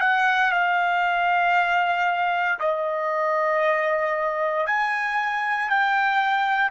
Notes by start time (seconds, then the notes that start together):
0.00 F#5
0.51 F5
2.59 D#5
4.66 G#5
5.69 G5